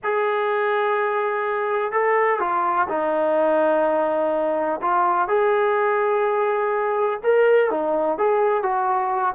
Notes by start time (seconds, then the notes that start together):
0.03 G#4
1.92 A4
2.39 F4
2.88 D#4
4.81 F4
5.28 G#4
7.23 A#4
7.70 D#4
8.18 G#4
8.62 F#4